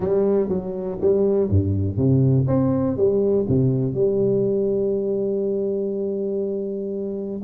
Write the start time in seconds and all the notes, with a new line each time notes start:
0.00 G3
0.48 F#3
1.01 G3
1.49 G2
1.97 C3
2.47 C4
2.96 G3
3.48 C3
3.94 G3